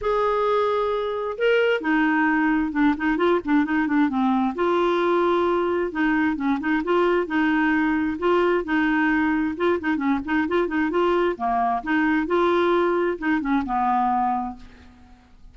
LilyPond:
\new Staff \with { instrumentName = "clarinet" } { \time 4/4 \tempo 4 = 132 gis'2. ais'4 | dis'2 d'8 dis'8 f'8 d'8 | dis'8 d'8 c'4 f'2~ | f'4 dis'4 cis'8 dis'8 f'4 |
dis'2 f'4 dis'4~ | dis'4 f'8 dis'8 cis'8 dis'8 f'8 dis'8 | f'4 ais4 dis'4 f'4~ | f'4 dis'8 cis'8 b2 | }